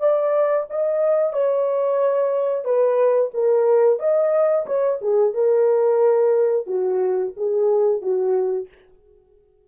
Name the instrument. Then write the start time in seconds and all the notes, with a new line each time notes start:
horn
0.00 D5
0.70 D#5
1.33 C#5
2.65 B4
3.34 A#4
3.99 D#5
4.67 C#5
5.02 G#4
5.34 A#4
6.67 F#4
7.37 G#4
8.02 F#4